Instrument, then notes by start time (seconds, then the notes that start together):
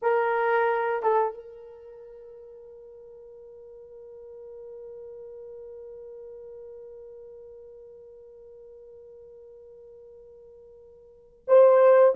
horn
0.02 A#4
1.02 A4
1.34 A#4
11.47 C5